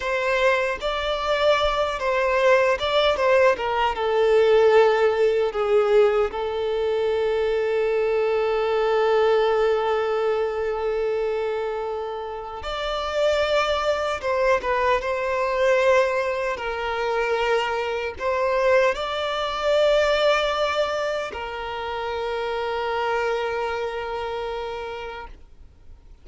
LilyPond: \new Staff \with { instrumentName = "violin" } { \time 4/4 \tempo 4 = 76 c''4 d''4. c''4 d''8 | c''8 ais'8 a'2 gis'4 | a'1~ | a'1 |
d''2 c''8 b'8 c''4~ | c''4 ais'2 c''4 | d''2. ais'4~ | ais'1 | }